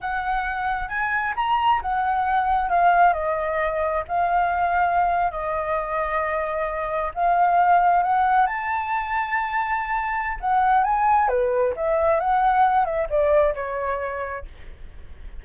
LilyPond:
\new Staff \with { instrumentName = "flute" } { \time 4/4 \tempo 4 = 133 fis''2 gis''4 ais''4 | fis''2 f''4 dis''4~ | dis''4 f''2~ f''8. dis''16~ | dis''2.~ dis''8. f''16~ |
f''4.~ f''16 fis''4 a''4~ a''16~ | a''2. fis''4 | gis''4 b'4 e''4 fis''4~ | fis''8 e''8 d''4 cis''2 | }